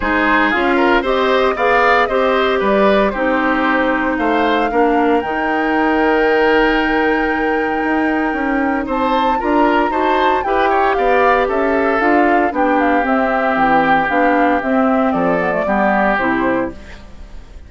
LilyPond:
<<
  \new Staff \with { instrumentName = "flute" } { \time 4/4 \tempo 4 = 115 c''4 f''4 dis''4 f''4 | dis''4 d''4 c''2 | f''2 g''2~ | g''1~ |
g''4 a''4 ais''4 a''4 | g''4 f''4 e''4 f''4 | g''8 f''8 e''4 g''4 f''4 | e''4 d''2 c''4 | }
  \new Staff \with { instrumentName = "oboe" } { \time 4/4 gis'4. ais'8 c''4 d''4 | c''4 b'4 g'2 | c''4 ais'2.~ | ais'1~ |
ais'4 c''4 ais'4 c''4 | b'8 cis''8 d''4 a'2 | g'1~ | g'4 a'4 g'2 | }
  \new Staff \with { instrumentName = "clarinet" } { \time 4/4 dis'4 f'4 g'4 gis'4 | g'2 dis'2~ | dis'4 d'4 dis'2~ | dis'1~ |
dis'2 f'4 fis'4 | g'2. f'4 | d'4 c'2 d'4 | c'4. b16 a16 b4 e'4 | }
  \new Staff \with { instrumentName = "bassoon" } { \time 4/4 gis4 cis'4 c'4 b4 | c'4 g4 c'2 | a4 ais4 dis2~ | dis2. dis'4 |
cis'4 c'4 d'4 dis'4 | e'4 b4 cis'4 d'4 | b4 c'4 e4 b4 | c'4 f4 g4 c4 | }
>>